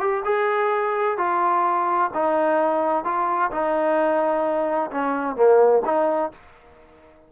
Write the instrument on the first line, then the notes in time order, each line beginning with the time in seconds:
trombone
0.00 G4
0.25 G#4
1.18 F4
2.14 D#4
3.04 F4
3.51 D#4
4.91 C#4
5.36 A#3
5.85 D#4